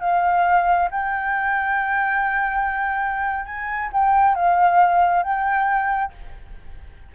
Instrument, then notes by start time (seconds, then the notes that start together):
flute
0.00 F5
0.91 G5
3.45 G#5
3.93 G5
4.35 F5
5.23 G5